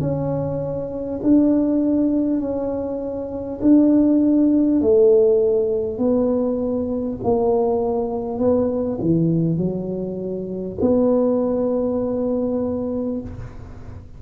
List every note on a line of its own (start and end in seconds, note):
0.00 1.20 C#4
1.23 2.40 D4
2.40 3.60 C#4
3.62 4.82 D4
4.82 5.98 A3
5.98 7.18 B3
7.23 8.38 A#3
8.38 8.98 B3
9.01 9.58 E3
9.58 10.78 F#3
10.81 13.21 B3